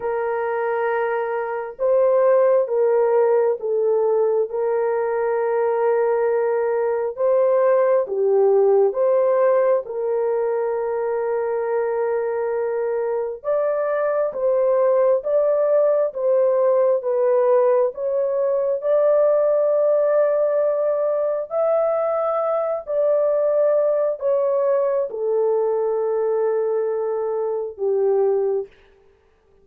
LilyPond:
\new Staff \with { instrumentName = "horn" } { \time 4/4 \tempo 4 = 67 ais'2 c''4 ais'4 | a'4 ais'2. | c''4 g'4 c''4 ais'4~ | ais'2. d''4 |
c''4 d''4 c''4 b'4 | cis''4 d''2. | e''4. d''4. cis''4 | a'2. g'4 | }